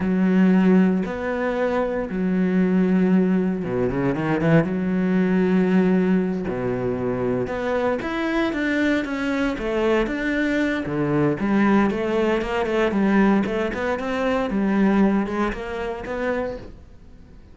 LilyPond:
\new Staff \with { instrumentName = "cello" } { \time 4/4 \tempo 4 = 116 fis2 b2 | fis2. b,8 cis8 | dis8 e8 fis2.~ | fis8 b,2 b4 e'8~ |
e'8 d'4 cis'4 a4 d'8~ | d'4 d4 g4 a4 | ais8 a8 g4 a8 b8 c'4 | g4. gis8 ais4 b4 | }